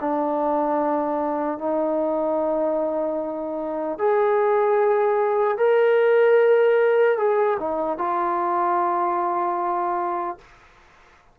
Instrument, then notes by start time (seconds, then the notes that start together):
trombone
0.00 D4
1.58 D#4
3.98 G#4
5.57 A#4
7.17 G#4
7.60 D#4
7.98 F4